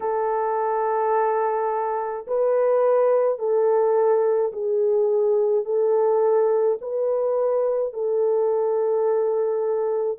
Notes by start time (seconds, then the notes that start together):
0.00 A4
2.27 B4
3.39 A4
4.52 G#4
5.64 A4
6.81 B4
7.93 A4